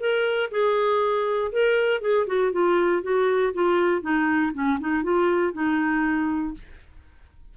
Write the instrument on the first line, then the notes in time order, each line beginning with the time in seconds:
clarinet
0.00 A#4
0.51 G#4
1.52 A#4
2.01 G#4
2.27 F#4
2.52 F4
3.03 F#4
3.54 F4
4.02 D#4
4.54 C#4
4.80 D#4
5.04 F4
5.53 D#4